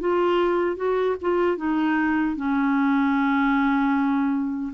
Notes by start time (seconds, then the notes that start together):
0.00 F4
0.76 F#4
1.21 F4
1.57 D#4
2.36 C#4